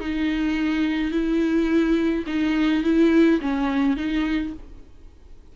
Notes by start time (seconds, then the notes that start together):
0.00 D#4
1.11 E4
2.27 D#4
2.83 E4
3.41 C#4
3.96 D#4